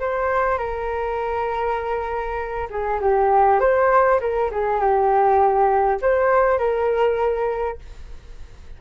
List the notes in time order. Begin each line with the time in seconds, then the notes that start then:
0.00 C5
0.58 A#4
2.70 G#4
3.01 G4
3.60 C5
4.21 A#4
4.51 G#4
4.81 G4
6.02 C5
6.59 A#4